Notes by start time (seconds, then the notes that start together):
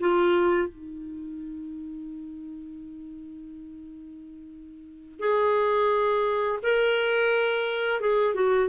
0.00 F4
0.68 D#4
5.19 G#4
6.63 A#4
8.00 G#4
8.34 F#4